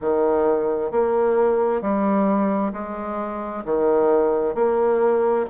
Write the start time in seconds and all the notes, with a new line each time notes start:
0.01 D#3
0.91 A#3
1.81 G3
2.73 G#3
3.64 D#3
4.55 A#3